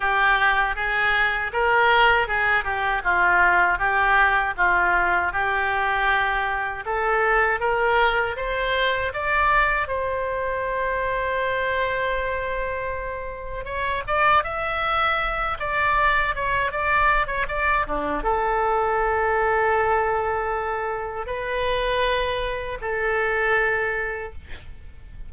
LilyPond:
\new Staff \with { instrumentName = "oboe" } { \time 4/4 \tempo 4 = 79 g'4 gis'4 ais'4 gis'8 g'8 | f'4 g'4 f'4 g'4~ | g'4 a'4 ais'4 c''4 | d''4 c''2.~ |
c''2 cis''8 d''8 e''4~ | e''8 d''4 cis''8 d''8. cis''16 d''8 d'8 | a'1 | b'2 a'2 | }